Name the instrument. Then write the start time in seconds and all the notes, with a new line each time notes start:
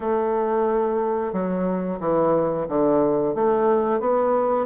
bassoon
0.00 A3
1.32 F#3
2.00 E3
2.68 D3
3.35 A3
4.00 B3